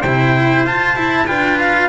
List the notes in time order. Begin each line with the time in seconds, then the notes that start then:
0.00 C3 C5 G5
0.07 E4
0.65 F4 A5
0.96 E4
1.27 D4 F4 B4 G5
1.59 F5